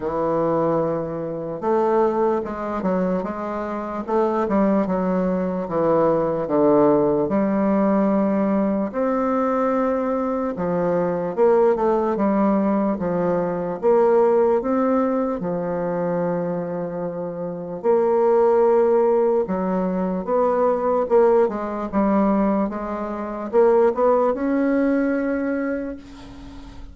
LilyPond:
\new Staff \with { instrumentName = "bassoon" } { \time 4/4 \tempo 4 = 74 e2 a4 gis8 fis8 | gis4 a8 g8 fis4 e4 | d4 g2 c'4~ | c'4 f4 ais8 a8 g4 |
f4 ais4 c'4 f4~ | f2 ais2 | fis4 b4 ais8 gis8 g4 | gis4 ais8 b8 cis'2 | }